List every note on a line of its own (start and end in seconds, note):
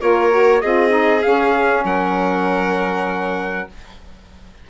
0.00 0.63 A#3
0.00 0.30 F4
0.00 0.62 A#4
0.00 0.61 C#5
0.30 0.61 F#4
0.61 1.25 C4
0.61 0.89 F4
0.61 1.84 G#4
0.61 1.22 D#5
0.89 1.20 D#4
1.22 3.68 C#4
1.22 1.84 C#4
1.22 1.83 F5
1.84 3.67 F#3
1.84 3.68 A#4
1.84 3.69 F#5